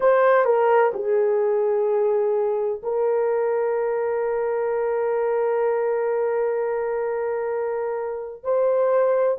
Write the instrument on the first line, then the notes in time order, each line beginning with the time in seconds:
horn
0.00 C5
0.45 A#4
0.93 G#4
2.83 A#4
8.43 C5